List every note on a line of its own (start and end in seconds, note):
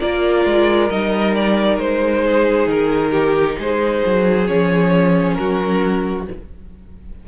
0.00 0.45 A#3
0.00 0.90 F4
0.00 2.25 A#4
0.00 0.90 D5
0.45 0.90 G#3
0.90 1.78 G3
0.90 4.46 D#4
0.90 1.34 D#5
1.35 1.79 D5
1.78 2.67 G#3
1.78 2.68 C5
2.25 3.11 G#4
2.67 3.56 D#3
2.67 3.59 A#4
3.11 3.56 G4
3.58 4.03 G#3
3.58 5.37 G#4
3.58 4.48 C5
4.06 4.49 F#3
4.46 5.38 F3
4.46 6.26 C#4
4.46 5.34 C#5
5.34 6.28 F#3
5.34 6.28 F#4
5.34 6.24 A#4